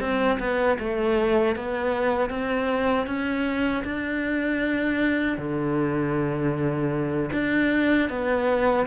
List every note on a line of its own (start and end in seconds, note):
0.00 0.38 C4
0.39 0.78 B3
0.79 1.56 A3
1.56 2.30 B3
2.30 3.06 C4
3.06 3.83 C#4
3.84 5.38 D4
5.38 7.30 D3
7.33 8.09 D4
8.09 8.86 B3